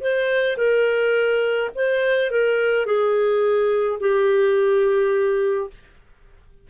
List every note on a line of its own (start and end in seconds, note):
0.00 0.57 C5
0.57 1.70 A#4
1.75 2.31 C5
2.31 2.86 A#4
2.86 3.99 G#4
4.00 5.70 G4